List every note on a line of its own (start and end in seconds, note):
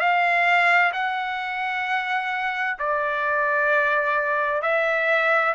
0.00 0.92 F5
0.93 2.77 F#5
2.79 4.62 D5
4.62 5.54 E5